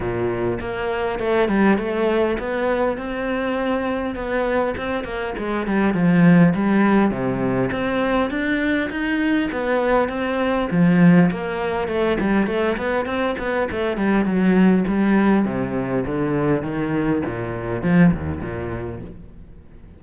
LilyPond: \new Staff \with { instrumentName = "cello" } { \time 4/4 \tempo 4 = 101 ais,4 ais4 a8 g8 a4 | b4 c'2 b4 | c'8 ais8 gis8 g8 f4 g4 | c4 c'4 d'4 dis'4 |
b4 c'4 f4 ais4 | a8 g8 a8 b8 c'8 b8 a8 g8 | fis4 g4 c4 d4 | dis4 ais,4 f8 dis,8 ais,4 | }